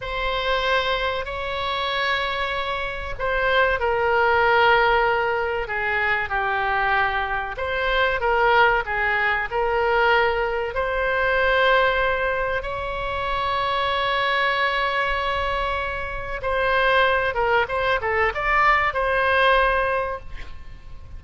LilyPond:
\new Staff \with { instrumentName = "oboe" } { \time 4/4 \tempo 4 = 95 c''2 cis''2~ | cis''4 c''4 ais'2~ | ais'4 gis'4 g'2 | c''4 ais'4 gis'4 ais'4~ |
ais'4 c''2. | cis''1~ | cis''2 c''4. ais'8 | c''8 a'8 d''4 c''2 | }